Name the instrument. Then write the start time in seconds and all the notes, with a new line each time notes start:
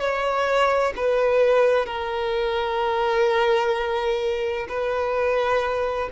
violin
0.00 C#5
0.97 B4
1.86 A#4
4.69 B4